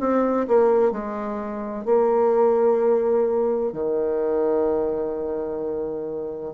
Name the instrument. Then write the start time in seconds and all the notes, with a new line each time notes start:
bassoon
0.00 C4
0.47 A#3
0.91 G#3
1.85 A#3
3.72 D#3